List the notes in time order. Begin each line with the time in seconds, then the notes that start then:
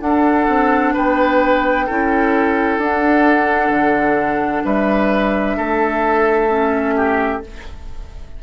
0.00 D4 A4 F#5
0.48 C4
0.94 B3 B4 G5
1.86 C#4 E4 A4
2.78 D4 F#5
3.70 D3
4.65 G3 B4 E5
5.57 A3 A4
6.49 C#4
6.96 G4